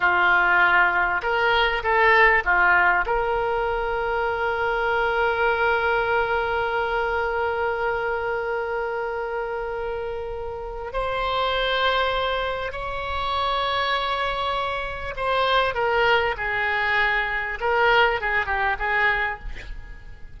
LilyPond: \new Staff \with { instrumentName = "oboe" } { \time 4/4 \tempo 4 = 99 f'2 ais'4 a'4 | f'4 ais'2.~ | ais'1~ | ais'1~ |
ais'2 c''2~ | c''4 cis''2.~ | cis''4 c''4 ais'4 gis'4~ | gis'4 ais'4 gis'8 g'8 gis'4 | }